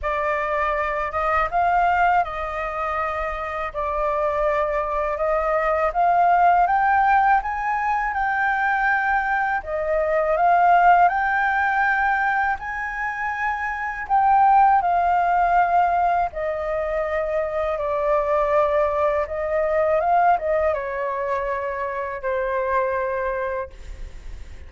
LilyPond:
\new Staff \with { instrumentName = "flute" } { \time 4/4 \tempo 4 = 81 d''4. dis''8 f''4 dis''4~ | dis''4 d''2 dis''4 | f''4 g''4 gis''4 g''4~ | g''4 dis''4 f''4 g''4~ |
g''4 gis''2 g''4 | f''2 dis''2 | d''2 dis''4 f''8 dis''8 | cis''2 c''2 | }